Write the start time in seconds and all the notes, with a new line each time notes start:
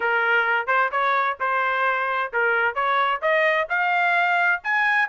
0.00 A#4
0.66 C5
0.91 C#5
1.40 C5
2.32 A#4
2.74 C#5
3.21 D#5
3.69 F5
4.63 G#5